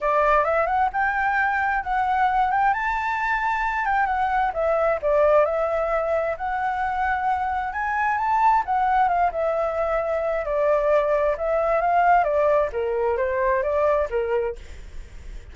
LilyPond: \new Staff \with { instrumentName = "flute" } { \time 4/4 \tempo 4 = 132 d''4 e''8 fis''8 g''2 | fis''4. g''8 a''2~ | a''8 g''8 fis''4 e''4 d''4 | e''2 fis''2~ |
fis''4 gis''4 a''4 fis''4 | f''8 e''2~ e''8 d''4~ | d''4 e''4 f''4 d''4 | ais'4 c''4 d''4 ais'4 | }